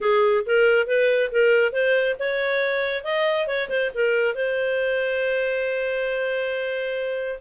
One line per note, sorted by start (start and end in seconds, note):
0.00 0.44 G#4
0.46 0.87 A#4
0.87 1.30 B4
1.31 1.72 A#4
1.72 2.16 C5
2.19 3.04 C#5
3.04 3.47 D#5
3.47 3.69 C#5
3.69 3.91 C5
3.94 4.34 A#4
4.34 7.39 C5